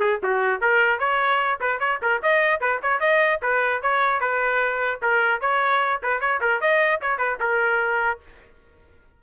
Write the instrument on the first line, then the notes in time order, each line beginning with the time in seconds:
trumpet
0.00 G#4
0.23 F#4
0.61 A#4
1.00 C#5
1.61 B4
1.80 C#5
2.03 A#4
2.23 D#5
2.61 B4
2.83 C#5
3.01 D#5
3.42 B4
3.82 C#5
4.21 B4
5.03 A#4
5.41 C#5
6.03 B4
6.21 C#5
6.41 A#4
6.61 D#5
7.02 C#5
7.18 B4
7.40 A#4